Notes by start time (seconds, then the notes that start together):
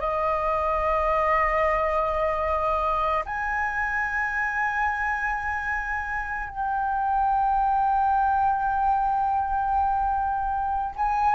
0.00 D#5
3.25 G#5
6.49 G5
10.96 G#5